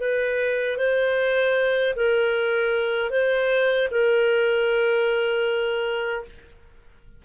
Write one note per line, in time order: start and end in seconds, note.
0.00 0.77 B4
0.77 1.94 C5
1.96 3.10 A#4
3.10 3.88 C5
3.91 6.25 A#4